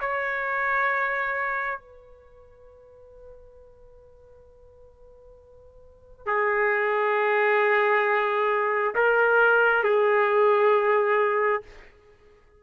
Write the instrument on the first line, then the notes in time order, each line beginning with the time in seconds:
trumpet
0.00 C#5
1.79 B4
6.26 G#4
8.95 A#4
9.83 G#4